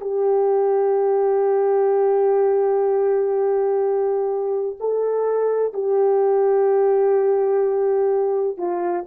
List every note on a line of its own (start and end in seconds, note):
0.00 4.76 G4
4.80 5.73 A4
5.73 8.57 G4
8.57 9.05 F4